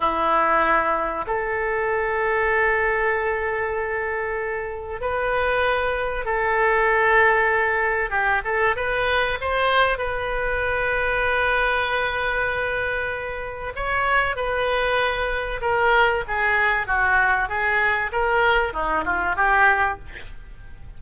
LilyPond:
\new Staff \with { instrumentName = "oboe" } { \time 4/4 \tempo 4 = 96 e'2 a'2~ | a'1 | b'2 a'2~ | a'4 g'8 a'8 b'4 c''4 |
b'1~ | b'2 cis''4 b'4~ | b'4 ais'4 gis'4 fis'4 | gis'4 ais'4 dis'8 f'8 g'4 | }